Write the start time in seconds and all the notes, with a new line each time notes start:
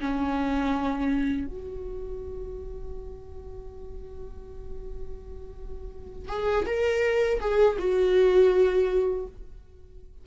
0.00 C#4
1.47 F#4
6.28 G#4
6.66 A#4
7.40 G#4
7.78 F#4